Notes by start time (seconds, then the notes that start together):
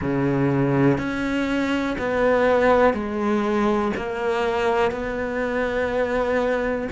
0.01 C#3
0.98 C#4
1.98 B3
2.93 G#3
3.96 A#3
4.91 B3